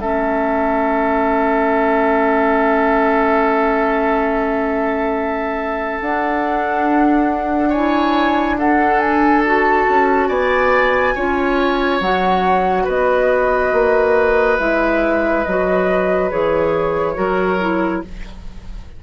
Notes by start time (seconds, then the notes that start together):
0.00 A3 C#4 A4 E5
6.00 D4 F#5
7.69 E4 C#5 G#5
8.59 D4 A4 F#5
8.99 G#5
9.45 F#4 A5
9.89 C#4
10.28 B3 D5 G#5
11.15 C#4 F4 C#5
12.00 F#3 F#4 F#5
12.84 B3 B4 D#5
13.72 A#3
14.59 G#3 E4 E5
15.44 F#3 F#4 D#5
16.30 E3 G#4 C#5
17.14 F#3 F#4 A#4
17.60 E4